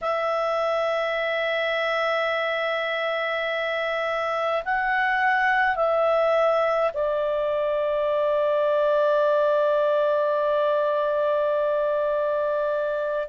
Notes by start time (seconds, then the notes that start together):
0.01 E5
4.65 F#5
5.75 E5
6.93 D5